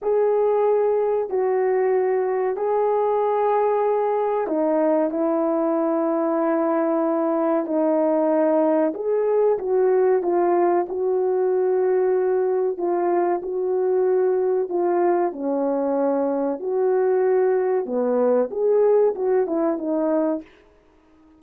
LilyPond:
\new Staff \with { instrumentName = "horn" } { \time 4/4 \tempo 4 = 94 gis'2 fis'2 | gis'2. dis'4 | e'1 | dis'2 gis'4 fis'4 |
f'4 fis'2. | f'4 fis'2 f'4 | cis'2 fis'2 | b4 gis'4 fis'8 e'8 dis'4 | }